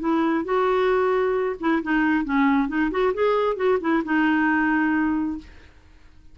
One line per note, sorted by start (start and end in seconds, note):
0.00 0.44 E4
0.44 1.56 F#4
1.60 1.82 E4
1.83 2.24 D#4
2.24 2.68 C#4
2.68 2.91 D#4
2.91 3.13 F#4
3.14 3.56 G#4
3.56 3.78 F#4
3.81 4.03 E4
4.05 5.38 D#4